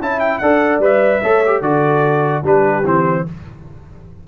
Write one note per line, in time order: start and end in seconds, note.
0.00 0.41 C#4
0.00 0.42 E4
0.00 0.42 E5
0.00 0.19 A5
0.19 0.38 G5
0.38 0.79 D4
0.38 0.81 A4
0.38 1.22 D5
0.38 0.79 F#5
0.79 1.19 G3
0.79 1.22 B4
0.79 1.62 E5
1.22 1.61 A3
1.22 1.44 A4
1.22 1.62 C#5
1.46 1.63 G4
1.61 2.42 D3
1.61 2.43 F#4
1.61 2.43 A4
1.61 2.43 D5
2.42 2.83 G3
2.42 2.84 D4
2.42 3.24 G4
2.42 2.86 B4
2.84 3.25 E3
2.84 3.25 C4
2.84 3.27 C5